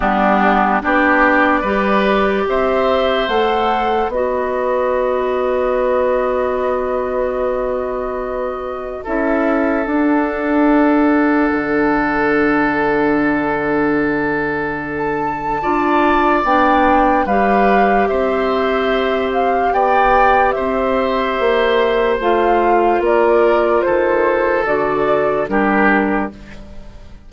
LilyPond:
<<
  \new Staff \with { instrumentName = "flute" } { \time 4/4 \tempo 4 = 73 g'4 d''2 e''4 | fis''4 dis''2.~ | dis''2. e''4 | fis''1~ |
fis''2~ fis''16 a''4.~ a''16 | g''4 f''4 e''4. f''8 | g''4 e''2 f''4 | d''4 c''4 d''4 ais'4 | }
  \new Staff \with { instrumentName = "oboe" } { \time 4/4 d'4 g'4 b'4 c''4~ | c''4 b'2.~ | b'2. a'4~ | a'1~ |
a'2. d''4~ | d''4 b'4 c''2 | d''4 c''2. | ais'4 a'2 g'4 | }
  \new Staff \with { instrumentName = "clarinet" } { \time 4/4 b4 d'4 g'2 | a'4 fis'2.~ | fis'2. e'4 | d'1~ |
d'2. f'4 | d'4 g'2.~ | g'2. f'4~ | f'2 fis'4 d'4 | }
  \new Staff \with { instrumentName = "bassoon" } { \time 4/4 g4 b4 g4 c'4 | a4 b2.~ | b2. cis'4 | d'2 d2~ |
d2. d'4 | b4 g4 c'2 | b4 c'4 ais4 a4 | ais4 dis4 d4 g4 | }
>>